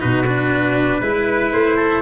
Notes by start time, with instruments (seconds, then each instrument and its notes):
0.00 tuba B2, cello D#4, trumpet F#4 B4
0.27 cello D4
1.01 tuba G#3, cello E4, trumpet B4
1.52 tuba A3, trumpet C5
1.77 trumpet A4